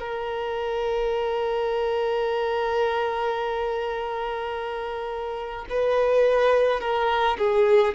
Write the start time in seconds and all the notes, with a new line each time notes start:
0.00 A#4
5.70 B4
6.81 A#4
7.38 G#4